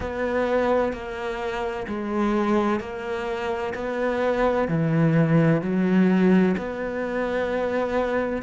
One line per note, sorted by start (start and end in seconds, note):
0.00 0.92 B3
0.92 1.86 A#3
1.87 2.80 G#3
2.80 3.73 A#3
3.74 4.68 B3
4.68 5.61 E3
5.61 6.55 F#3
6.57 8.42 B3